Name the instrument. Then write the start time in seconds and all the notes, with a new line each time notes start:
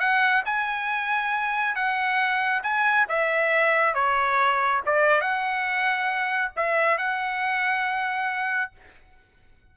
trumpet
0.00 F#5
0.45 G#5
1.75 F#5
2.63 G#5
3.09 E5
3.94 C#5
4.86 D5
5.21 F#5
6.57 E5
6.98 F#5